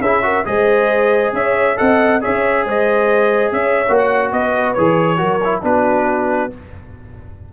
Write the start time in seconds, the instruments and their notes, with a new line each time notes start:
0.00 tuba C#4, trombone E4, horn G#4, trumpet E5
0.22 trombone F#4, horn A#4
0.44 tuba G#3, trombone G#4, horn C5, trumpet D#5
1.32 tuba C#4, horn C#5, trumpet E5
1.76 tuba C4, trombone A4, horn D#5, trumpet F#5
2.20 tuba C#4, trombone G#4, horn C#5, trumpet E5
2.64 tuba G#3, horn C5, trumpet D#5
3.52 tuba C#4, horn C#5, trumpet E5
3.88 tuba A#3, trombone F#4
3.98 trumpet F#5
4.32 tuba B3, horn B4, trumpet D#5
4.73 tuba E3, trombone G#4, trumpet C#5
5.17 tuba F#3, trombone F#4, horn A#4
5.44 trombone E4
5.62 tuba B3, trombone D4, horn F#4, trumpet B4